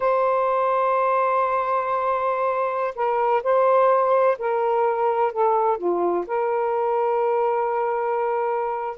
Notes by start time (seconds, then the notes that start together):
0.00 C5
2.95 A#4
3.43 C5
4.38 A#4
5.32 A4
5.77 F4
6.26 A#4